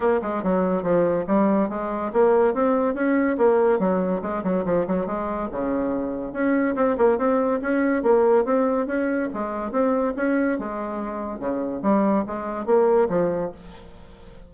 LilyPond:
\new Staff \with { instrumentName = "bassoon" } { \time 4/4 \tempo 4 = 142 ais8 gis8 fis4 f4 g4 | gis4 ais4 c'4 cis'4 | ais4 fis4 gis8 fis8 f8 fis8 | gis4 cis2 cis'4 |
c'8 ais8 c'4 cis'4 ais4 | c'4 cis'4 gis4 c'4 | cis'4 gis2 cis4 | g4 gis4 ais4 f4 | }